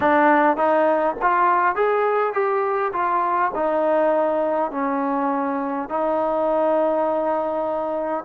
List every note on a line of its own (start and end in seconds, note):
0.00 0.56 D4
0.56 1.15 D#4
1.21 1.75 F4
1.75 2.33 G#4
2.33 2.92 G4
2.93 3.51 F4
3.55 4.71 D#4
4.71 5.89 C#4
5.89 8.24 D#4